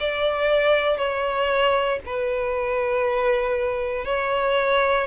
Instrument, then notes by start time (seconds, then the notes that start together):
violin
0.00 D5
0.98 C#5
2.06 B4
4.06 C#5